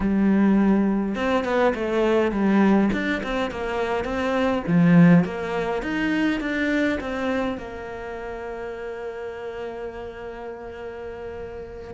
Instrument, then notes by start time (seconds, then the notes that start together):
cello
0.00 G3
1.15 C4
1.44 B3
1.74 A3
2.31 G3
2.92 D4
3.23 C4
3.50 A#3
4.04 C4
4.67 F3
5.24 A#3
5.82 D#4
6.40 D4
7.00 C4
7.57 A#3